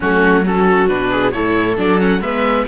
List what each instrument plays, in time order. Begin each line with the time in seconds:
0.00 cello F#3, viola A3 C#4, oboe F#4
0.45 viola C#4 F#4, oboe A4
0.87 cello B2, viola D4, oboe B4
1.10 viola G#4
1.31 cello A2, viola E4 A4, oboe C#5
1.76 cello F#3, viola D4, oboe D5
1.98 viola C#4, oboe F#5
2.20 cello G#3, viola B3 B4, oboe E5